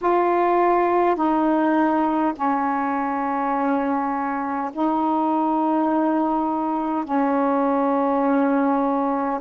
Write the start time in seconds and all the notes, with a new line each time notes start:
0.01 F4
1.15 D#4
2.35 C#4
4.72 D#4
7.04 C#4